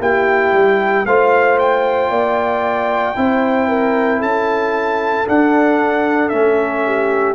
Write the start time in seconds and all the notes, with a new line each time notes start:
0.00 A#3 E4 G4 G5
0.53 G3
1.06 A3 F4 C5 F5
1.59 G5
2.10 A#3 D5
3.16 C4 E4 C5
3.69 A#4
4.19 C#4 A4 A5
5.27 D4 F#5
6.29 A3 C#4 E5
6.86 G4